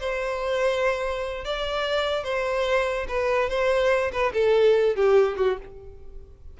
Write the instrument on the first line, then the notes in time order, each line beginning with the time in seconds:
violin
0.00 C5
1.45 D5
2.24 C5
3.08 B4
3.50 C5
4.12 B4
4.34 A4
4.96 G4
5.37 F#4